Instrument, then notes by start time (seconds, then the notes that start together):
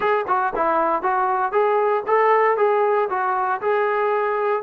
trombone
0.00 G#4
0.27 F#4
0.55 E4
1.02 F#4
1.52 G#4
2.06 A4
2.57 G#4
3.09 F#4
3.61 G#4